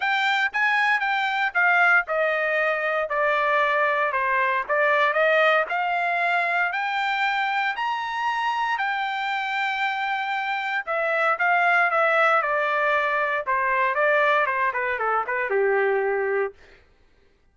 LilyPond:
\new Staff \with { instrumentName = "trumpet" } { \time 4/4 \tempo 4 = 116 g''4 gis''4 g''4 f''4 | dis''2 d''2 | c''4 d''4 dis''4 f''4~ | f''4 g''2 ais''4~ |
ais''4 g''2.~ | g''4 e''4 f''4 e''4 | d''2 c''4 d''4 | c''8 b'8 a'8 b'8 g'2 | }